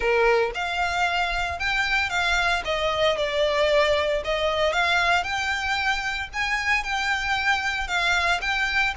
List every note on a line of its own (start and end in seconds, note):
0.00 0.51 A#4
0.54 1.59 F5
1.59 2.09 G5
2.09 2.62 F5
2.64 3.17 D#5
3.17 4.22 D5
4.24 4.72 D#5
4.72 5.23 F5
5.23 6.28 G5
6.33 6.83 G#5
6.83 7.87 G5
7.87 8.40 F5
8.41 8.94 G5